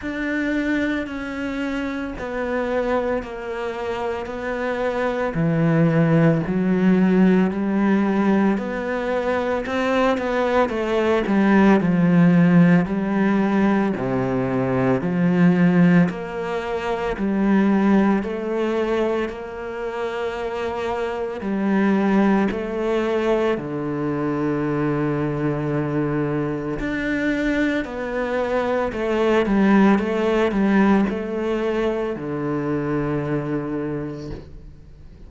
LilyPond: \new Staff \with { instrumentName = "cello" } { \time 4/4 \tempo 4 = 56 d'4 cis'4 b4 ais4 | b4 e4 fis4 g4 | b4 c'8 b8 a8 g8 f4 | g4 c4 f4 ais4 |
g4 a4 ais2 | g4 a4 d2~ | d4 d'4 b4 a8 g8 | a8 g8 a4 d2 | }